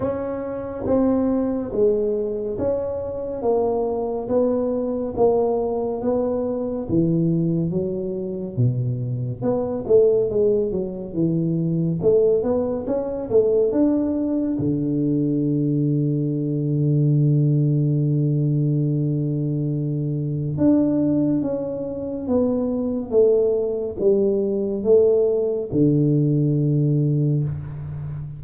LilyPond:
\new Staff \with { instrumentName = "tuba" } { \time 4/4 \tempo 4 = 70 cis'4 c'4 gis4 cis'4 | ais4 b4 ais4 b4 | e4 fis4 b,4 b8 a8 | gis8 fis8 e4 a8 b8 cis'8 a8 |
d'4 d2.~ | d1 | d'4 cis'4 b4 a4 | g4 a4 d2 | }